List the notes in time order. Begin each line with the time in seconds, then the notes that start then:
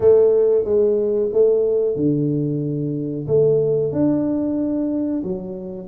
0.00 A3
0.64 G#3
1.32 A3
1.96 D3
3.27 A3
3.92 D4
5.23 F#3